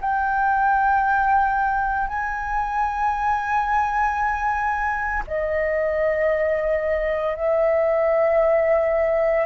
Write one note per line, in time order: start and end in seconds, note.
0.00 2.07 G5
2.07 5.23 G#5
5.27 7.35 D#5
7.35 9.45 E5